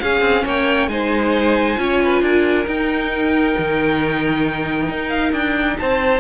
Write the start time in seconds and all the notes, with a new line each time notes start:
0.00 C#4 G#4 F5
0.21 C4
0.45 A#3 C#5 G5
0.88 G#3 D#4 C5 G#5
1.77 C#4 F4 C#5
2.04 B4
2.22 D4 A#4
2.65 D#4 G5
3.58 D#3
4.89 D#4
5.09 F5
5.33 D4 G5
5.78 C4 C5 A5